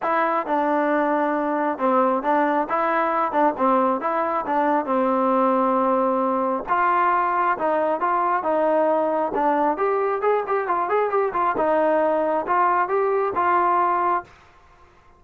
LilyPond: \new Staff \with { instrumentName = "trombone" } { \time 4/4 \tempo 4 = 135 e'4 d'2. | c'4 d'4 e'4. d'8 | c'4 e'4 d'4 c'4~ | c'2. f'4~ |
f'4 dis'4 f'4 dis'4~ | dis'4 d'4 g'4 gis'8 g'8 | f'8 gis'8 g'8 f'8 dis'2 | f'4 g'4 f'2 | }